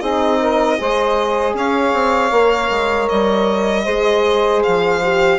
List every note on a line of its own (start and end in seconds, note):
0.00 0.78 C4
0.00 0.77 D#4
0.00 0.39 G#4
0.00 1.54 D#5
0.40 0.78 A#4
0.77 1.54 G#3
0.77 2.31 G#4
0.77 1.56 C5
1.54 1.92 C#4
1.54 3.84 C#5
1.54 3.08 F5
1.93 2.31 C4
2.31 2.69 A#3
2.31 3.85 A#4
2.70 3.08 G#3
3.08 3.86 G3
3.08 4.62 D#5
3.84 4.63 G#3
3.84 5.00 G#4
3.84 5.38 C5
4.63 5.39 F3
4.63 5.39 F5
5.03 5.39 G4